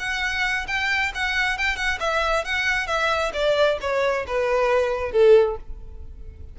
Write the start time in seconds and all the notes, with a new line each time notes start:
0.00 F#5
0.68 G5
1.15 F#5
1.58 G5
1.77 F#5
2.00 E5
2.45 F#5
2.88 E5
3.34 D5
3.81 C#5
4.27 B4
5.12 A4